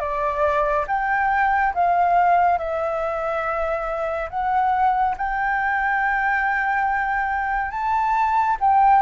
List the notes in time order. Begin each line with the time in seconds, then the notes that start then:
0.00 D5
0.88 G5
1.74 F5
2.58 E5
4.30 F#5
5.18 G5
7.71 A5
8.60 G5